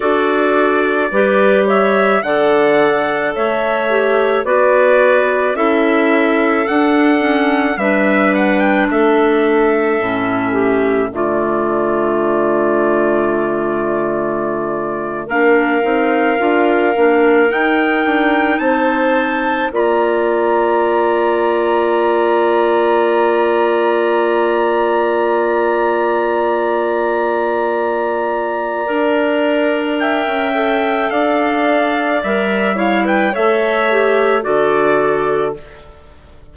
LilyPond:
<<
  \new Staff \with { instrumentName = "trumpet" } { \time 4/4 \tempo 4 = 54 d''4. e''8 fis''4 e''4 | d''4 e''4 fis''4 e''8 fis''16 g''16 | e''2 d''2~ | d''4.~ d''16 f''2 g''16~ |
g''8. a''4 ais''2~ ais''16~ | ais''1~ | ais''2. g''4 | f''4 e''8 f''16 g''16 e''4 d''4 | }
  \new Staff \with { instrumentName = "clarinet" } { \time 4/4 a'4 b'8 cis''8 d''4 cis''4 | b'4 a'2 b'4 | a'4. g'8 f'2~ | f'4.~ f'16 ais'2~ ais'16~ |
ais'8. c''4 d''2~ d''16~ | d''1~ | d''2. e''4 | d''4. cis''16 b'16 cis''4 a'4 | }
  \new Staff \with { instrumentName = "clarinet" } { \time 4/4 fis'4 g'4 a'4. g'8 | fis'4 e'4 d'8 cis'8 d'4~ | d'4 cis'4 a2~ | a4.~ a16 d'8 dis'8 f'8 d'8 dis'16~ |
dis'4.~ dis'16 f'2~ f'16~ | f'1~ | f'2 ais'4. a'8~ | a'4 ais'8 e'8 a'8 g'8 fis'4 | }
  \new Staff \with { instrumentName = "bassoon" } { \time 4/4 d'4 g4 d4 a4 | b4 cis'4 d'4 g4 | a4 a,4 d2~ | d4.~ d16 ais8 c'8 d'8 ais8 dis'16~ |
dis'16 d'8 c'4 ais2~ ais16~ | ais1~ | ais2 d'4~ d'16 cis'8. | d'4 g4 a4 d4 | }
>>